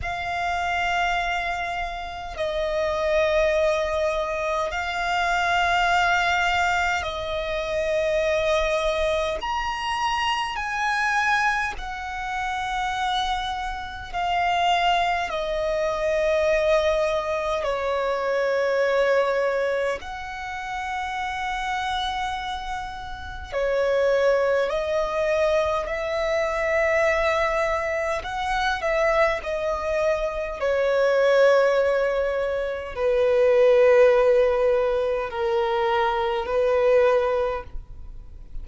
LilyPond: \new Staff \with { instrumentName = "violin" } { \time 4/4 \tempo 4 = 51 f''2 dis''2 | f''2 dis''2 | ais''4 gis''4 fis''2 | f''4 dis''2 cis''4~ |
cis''4 fis''2. | cis''4 dis''4 e''2 | fis''8 e''8 dis''4 cis''2 | b'2 ais'4 b'4 | }